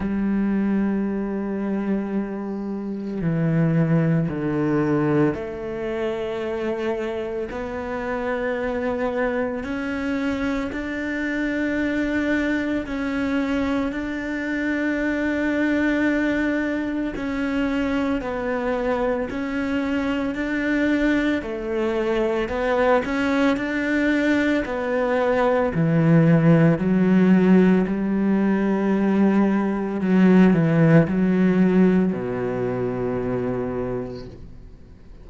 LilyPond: \new Staff \with { instrumentName = "cello" } { \time 4/4 \tempo 4 = 56 g2. e4 | d4 a2 b4~ | b4 cis'4 d'2 | cis'4 d'2. |
cis'4 b4 cis'4 d'4 | a4 b8 cis'8 d'4 b4 | e4 fis4 g2 | fis8 e8 fis4 b,2 | }